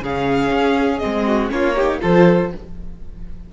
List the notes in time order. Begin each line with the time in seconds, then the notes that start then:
0.00 C#3 C#4 G#4 F5
0.50 C#4
0.98 C4 D#5
1.05 G#3
1.26 F#4
1.49 A#3 C#4 F4 C#5
1.75 D#4 G4
2.00 F3 F4 A4 C5